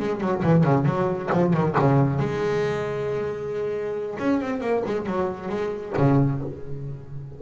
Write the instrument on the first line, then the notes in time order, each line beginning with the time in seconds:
double bass
0.00 G#3
0.21 F#3
0.44 E3
0.65 C#3
0.86 F#3
1.33 F3
1.54 D#3
1.79 C#3
2.20 G#3
4.19 C#4
4.42 C4
4.61 A#3
4.86 G#3
5.07 F#3
5.49 G#3
5.98 C#3